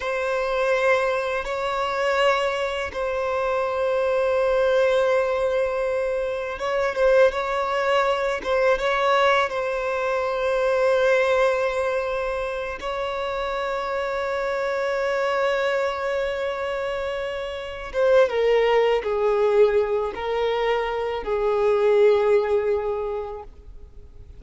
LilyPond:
\new Staff \with { instrumentName = "violin" } { \time 4/4 \tempo 4 = 82 c''2 cis''2 | c''1~ | c''4 cis''8 c''8 cis''4. c''8 | cis''4 c''2.~ |
c''4. cis''2~ cis''8~ | cis''1~ | cis''8 c''8 ais'4 gis'4. ais'8~ | ais'4 gis'2. | }